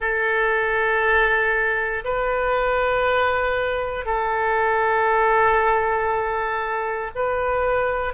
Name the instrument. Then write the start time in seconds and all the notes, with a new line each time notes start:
oboe
0.00 A4
2.04 B4
4.05 A4
7.15 B4